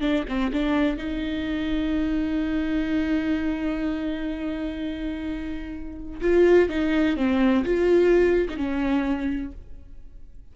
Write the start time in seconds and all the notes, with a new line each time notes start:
0.00 D4
0.27 C4
0.52 D4
0.96 D#4
6.21 F4
6.69 D#4
7.16 C4
7.64 F4
8.48 D#4
8.56 C#4